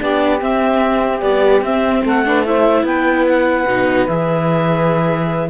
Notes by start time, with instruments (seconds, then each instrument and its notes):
0.00 cello B3, viola D4, saxophone G4, clarinet D5
0.39 viola C4, cello C4, clarinet E5
1.20 viola G3, cello B3, clarinet D5
1.61 cello C4, viola C4, clarinet E5
2.04 cello A3, saxophone A4, clarinet F#5
2.25 viola D4, saxophone B4
2.45 viola E4, saxophone C5, clarinet E5
2.83 cello B3, saxophone B4, clarinet G5
3.27 clarinet F#5
3.66 cello B2, viola D#4
4.07 cello E3, viola G#4, clarinet E5